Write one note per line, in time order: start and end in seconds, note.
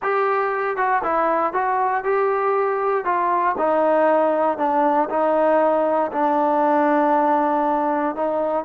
0.02 0.77 G4
0.77 1.02 F#4
1.03 1.53 E4
1.53 2.03 F#4
2.03 3.04 G4
3.04 3.55 F4
3.58 4.58 D#4
4.58 5.08 D4
5.09 6.11 D#4
6.12 8.15 D4
8.15 8.64 D#4